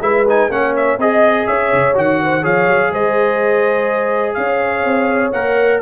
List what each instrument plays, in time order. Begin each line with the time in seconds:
0.00 tuba G#3, trombone E4, horn B4, trumpet E5
0.28 trombone D#4, trumpet G#5
0.49 tuba A#3, trombone C#4, horn C#5, trumpet F#5
0.76 trumpet E5
0.98 tuba C4, trombone G#4, horn D#5, trumpet D#5
1.46 tuba C#4, horn C#5, trumpet E5
1.72 tuba C#3
1.94 tuba D#3, trombone F#4, trumpet F#5
2.22 horn C5
2.41 tuba F3, trombone G#4, horn C#5, trumpet F5
2.67 tuba F#3
2.90 tuba G#3, horn C5, trumpet D#5
4.34 tuba C#4, horn C#5, trumpet F5
4.84 tuba C4
5.32 tuba A#3, trombone A#4, trumpet F#5